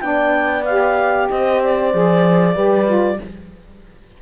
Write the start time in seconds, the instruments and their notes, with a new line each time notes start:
0.00 cello B3, saxophone D4, horn D5, clarinet G5
0.65 saxophone G4, clarinet F5
1.30 cello C4, horn C5, clarinet D#5
1.64 clarinet D5
1.92 cello F3, saxophone G#4
2.54 cello G3, saxophone G4, horn B4
2.86 saxophone F4